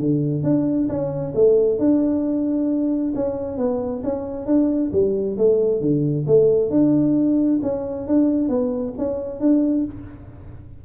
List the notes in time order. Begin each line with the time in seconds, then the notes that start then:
0.00 D3
0.44 D4
0.89 C#4
1.35 A3
1.79 D4
3.16 C#4
3.58 B3
4.04 C#4
4.46 D4
4.93 G3
5.38 A3
5.81 D3
6.27 A3
6.71 D4
7.63 C#4
8.08 D4
8.49 B3
8.98 C#4
9.40 D4